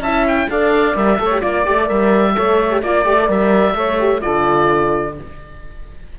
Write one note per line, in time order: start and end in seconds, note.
0.00 0.47 C#4
0.00 0.49 E4
0.00 0.48 E5
0.00 0.26 A5
0.28 0.50 G5
0.49 0.95 D4
0.49 0.95 A4
0.49 1.19 D5
0.49 0.97 F5
0.95 1.19 G3
0.95 1.18 A#4
0.95 1.41 E5
1.19 1.42 A3
1.19 1.30 A4
1.19 1.41 C#5
1.31 1.41 G4
1.41 1.67 A#3
1.41 1.64 F4
1.41 2.34 D5
1.41 1.88 D5
1.65 1.90 A3
1.65 1.77 G4
1.77 1.86 A4
1.86 2.36 G3
1.86 2.32 A#4
1.86 2.81 E5
2.35 2.83 A3
2.35 2.70 A4
2.35 2.82 C#5
2.70 2.82 G4
2.83 3.06 A#3
2.83 3.05 F4
2.83 3.29 D5
2.83 3.75 D5
3.05 3.28 A3
3.05 3.17 G4
3.19 3.27 A4
3.27 3.74 G3
3.27 3.74 A#4
3.27 4.21 E5
3.74 4.21 A3
3.74 3.97 A4
3.74 4.21 C#5
4.00 4.21 G4
4.21 5.19 D3
4.21 5.14 F4
4.21 5.14 A4
4.21 5.14 D5